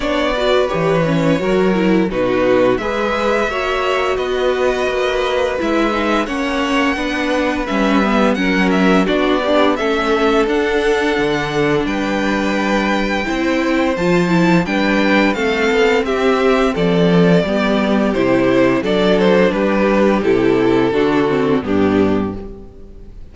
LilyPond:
<<
  \new Staff \with { instrumentName = "violin" } { \time 4/4 \tempo 4 = 86 d''4 cis''2 b'4 | e''2 dis''2 | e''4 fis''2 e''4 | fis''8 e''8 d''4 e''4 fis''4~ |
fis''4 g''2. | a''4 g''4 f''4 e''4 | d''2 c''4 d''8 c''8 | b'4 a'2 g'4 | }
  \new Staff \with { instrumentName = "violin" } { \time 4/4 cis''8 b'4. ais'4 fis'4 | b'4 cis''4 b'2~ | b'4 cis''4 b'2 | ais'4 fis'8 d'8 a'2~ |
a'4 b'2 c''4~ | c''4 b'4 a'4 g'4 | a'4 g'2 a'4 | g'2 fis'4 d'4 | }
  \new Staff \with { instrumentName = "viola" } { \time 4/4 d'8 fis'8 g'8 cis'8 fis'8 e'8 dis'4 | gis'4 fis'2. | e'8 dis'8 cis'4 d'4 cis'8 b8 | cis'4 d'8 g'8 cis'4 d'4~ |
d'2. e'4 | f'8 e'8 d'4 c'2~ | c'4 b4 e'4 d'4~ | d'4 e'4 d'8 c'8 b4 | }
  \new Staff \with { instrumentName = "cello" } { \time 4/4 b4 e4 fis4 b,4 | gis4 ais4 b4 ais4 | gis4 ais4 b4 g4 | fis4 b4 a4 d'4 |
d4 g2 c'4 | f4 g4 a8 b8 c'4 | f4 g4 c4 fis4 | g4 c4 d4 g,4 | }
>>